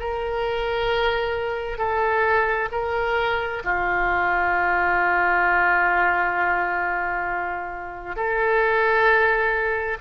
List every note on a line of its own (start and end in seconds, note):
0.00 1.78 A#4
1.78 2.69 A4
2.72 3.63 A#4
3.64 8.16 F4
8.16 9.98 A4